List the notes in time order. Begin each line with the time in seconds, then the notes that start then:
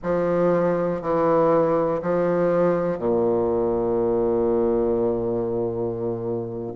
0.03 F3
1.01 E3
2.02 F3
2.98 A#2